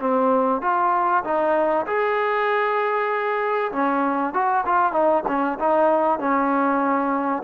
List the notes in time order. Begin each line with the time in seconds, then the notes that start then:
0.00 C4
0.62 F4
1.24 D#4
1.86 G#4
3.72 C#4
4.33 F#4
4.65 F4
4.92 D#4
5.27 C#4
5.59 D#4
6.19 C#4